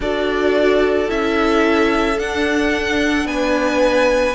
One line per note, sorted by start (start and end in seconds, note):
0.00 1.07 D4
0.00 1.07 F#4
0.00 3.28 A4
0.00 1.10 D5
1.07 2.19 C#4
1.07 2.17 E4
1.07 2.19 E5
2.18 4.34 D4
2.18 3.25 D4
2.18 3.27 F#5
3.25 4.34 B3
3.25 4.34 B4
3.25 4.34 G#5